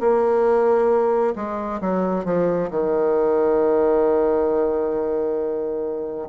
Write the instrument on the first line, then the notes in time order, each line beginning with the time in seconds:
bassoon
0.00 A#3
1.36 G#3
1.81 F#3
2.25 F3
2.70 D#3